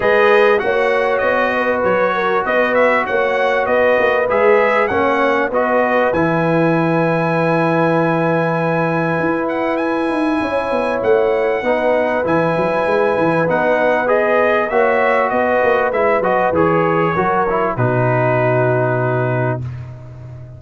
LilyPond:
<<
  \new Staff \with { instrumentName = "trumpet" } { \time 4/4 \tempo 4 = 98 dis''4 fis''4 dis''4 cis''4 | dis''8 e''8 fis''4 dis''4 e''4 | fis''4 dis''4 gis''2~ | gis''2.~ gis''8 fis''8 |
gis''2 fis''2 | gis''2 fis''4 dis''4 | e''4 dis''4 e''8 dis''8 cis''4~ | cis''4 b'2. | }
  \new Staff \with { instrumentName = "horn" } { \time 4/4 b'4 cis''4. b'4 ais'8 | b'4 cis''4 b'2 | cis''4 b'2.~ | b'1~ |
b'4 cis''2 b'4~ | b'1 | cis''4 b'2. | ais'4 fis'2. | }
  \new Staff \with { instrumentName = "trombone" } { \time 4/4 gis'4 fis'2.~ | fis'2. gis'4 | cis'4 fis'4 e'2~ | e'1~ |
e'2. dis'4 | e'2 dis'4 gis'4 | fis'2 e'8 fis'8 gis'4 | fis'8 e'8 dis'2. | }
  \new Staff \with { instrumentName = "tuba" } { \time 4/4 gis4 ais4 b4 fis4 | b4 ais4 b8 ais8 gis4 | ais4 b4 e2~ | e2. e'4~ |
e'8 dis'8 cis'8 b8 a4 b4 | e8 fis8 gis8 e8 b2 | ais4 b8 ais8 gis8 fis8 e4 | fis4 b,2. | }
>>